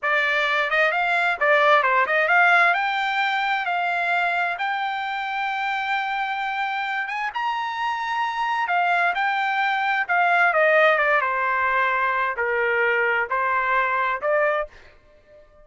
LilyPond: \new Staff \with { instrumentName = "trumpet" } { \time 4/4 \tempo 4 = 131 d''4. dis''8 f''4 d''4 | c''8 dis''8 f''4 g''2 | f''2 g''2~ | g''2.~ g''8 gis''8 |
ais''2. f''4 | g''2 f''4 dis''4 | d''8 c''2~ c''8 ais'4~ | ais'4 c''2 d''4 | }